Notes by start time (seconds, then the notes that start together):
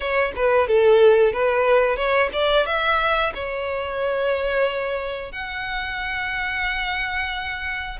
0.00 C#5
0.35 B4
0.67 A4
1.32 B4
1.96 C#5
2.32 D5
2.66 E5
3.34 C#5
5.32 F#5